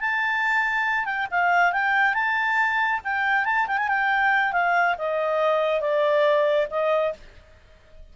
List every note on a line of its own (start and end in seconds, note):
0.00 1.05 A5
1.05 1.26 G5
1.30 1.72 F5
1.72 2.14 G5
2.14 3.00 A5
3.04 3.44 G5
3.44 3.66 A5
3.67 3.77 G5
3.77 3.88 G#5
3.88 4.52 G5
4.52 4.95 F5
4.98 5.80 D#5
5.80 6.67 D5
6.70 7.13 D#5